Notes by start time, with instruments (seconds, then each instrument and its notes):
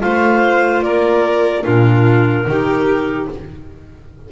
0.00 double bass A3, clarinet F4 F5, violin C5
0.83 double bass A#3, violin A#4, clarinet D5
1.63 double bass A#2, clarinet D4 A#4, violin F4
2.46 double bass D#3, clarinet D#4, violin G4